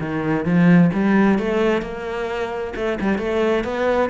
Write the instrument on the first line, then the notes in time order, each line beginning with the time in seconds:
cello
0.00 D#3
0.45 F3
0.93 G3
1.39 A3
1.82 A#3
2.76 A3
3.01 G3
3.19 A3
3.65 B3